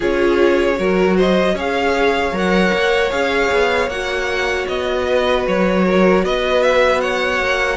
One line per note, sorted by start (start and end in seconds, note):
0.00 0.78 C#4
0.00 0.75 F4
0.00 0.77 G#4
0.00 1.18 C#5
0.76 1.53 F#3
0.76 1.54 F#4
0.76 1.16 A#4
1.16 1.54 C5
1.16 1.58 D#5
1.53 2.31 C#4
1.53 2.33 G#4
1.53 5.05 C#5
1.53 2.37 F5
2.32 2.71 F#3
2.32 3.10 A#4
2.32 3.11 F#5
2.72 3.11 A#3
3.10 3.50 C#4
3.10 3.88 G#4
3.10 3.89 F5
3.51 3.87 B3
3.87 4.65 A#3
3.87 7.76 F#4
3.87 4.67 F#5
4.68 5.46 B3
4.68 5.45 D#5
5.07 5.85 B4
5.47 6.23 F#3
5.47 6.24 C#5
5.86 6.25 A#4
6.23 7.40 B3
6.23 7.01 B4
6.23 6.62 D#5
6.62 7.00 E5
7.00 7.76 C#5
7.00 7.76 F#5
7.40 7.76 A#3